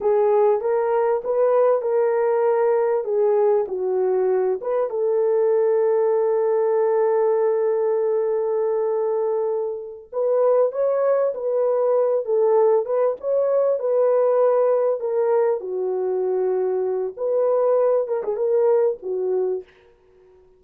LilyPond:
\new Staff \with { instrumentName = "horn" } { \time 4/4 \tempo 4 = 98 gis'4 ais'4 b'4 ais'4~ | ais'4 gis'4 fis'4. b'8 | a'1~ | a'1~ |
a'8 b'4 cis''4 b'4. | a'4 b'8 cis''4 b'4.~ | b'8 ais'4 fis'2~ fis'8 | b'4. ais'16 gis'16 ais'4 fis'4 | }